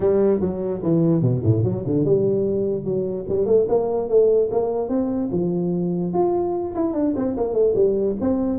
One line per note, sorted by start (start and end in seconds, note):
0.00 0.40 G3
0.40 0.81 F#3
0.82 1.21 E3
1.21 1.42 B2
1.43 1.63 A2
1.63 1.84 F#3
1.86 2.04 D3
2.04 2.84 G3
2.84 3.25 F#3
3.28 3.45 G3
3.45 3.66 A3
3.68 4.08 A#3
4.08 4.49 A3
4.51 4.88 A#3
4.88 5.29 C4
5.31 6.13 F3
6.13 6.74 F4
6.75 6.93 E4
6.93 7.14 D4
7.16 7.36 C4
7.36 7.53 A#3
7.53 7.73 A3
7.75 8.15 G3
8.20 8.59 C4